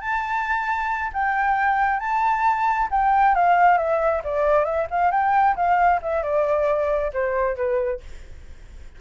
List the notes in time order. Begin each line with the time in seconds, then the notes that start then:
0.00 A5
1.13 G5
1.99 A5
2.91 G5
3.34 F5
3.77 E5
4.24 D5
4.65 E5
4.90 F5
5.11 G5
5.55 F5
6.02 E5
6.22 D5
7.13 C5
7.56 B4